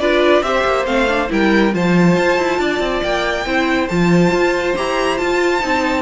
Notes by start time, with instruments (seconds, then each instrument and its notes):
0.00 cello D4, viola F4, violin B4 D5
0.43 cello C4, viola G4, violin C5 E5
0.65 cello A#3
0.86 cello A3, viola C4, violin F5
1.08 viola D4
1.29 cello G3, viola E4, violin A#4 G5
1.72 cello F3, viola F4, violin C5 A5
2.17 cello F4
2.38 cello E4
2.59 cello D4, violin D5
2.80 cello C4
3.03 cello A#3, violin G5
3.46 cello C4, viola E4, violin C5
3.88 cello F3, viola F4, violin A5
4.32 cello F4
4.77 cello E4, viola G4, violin A#5
5.18 viola F4, cello F4, violin A5
5.61 cello C4, viola D#4